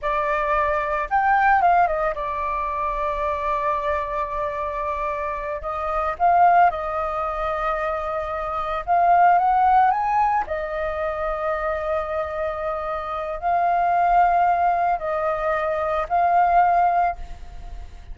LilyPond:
\new Staff \with { instrumentName = "flute" } { \time 4/4 \tempo 4 = 112 d''2 g''4 f''8 dis''8 | d''1~ | d''2~ d''8 dis''4 f''8~ | f''8 dis''2.~ dis''8~ |
dis''8 f''4 fis''4 gis''4 dis''8~ | dis''1~ | dis''4 f''2. | dis''2 f''2 | }